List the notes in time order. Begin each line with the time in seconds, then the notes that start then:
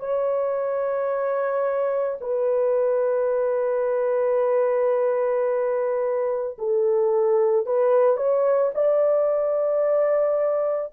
0.00 C#5
2.21 B4
6.59 A4
7.66 B4
8.17 C#5
8.75 D5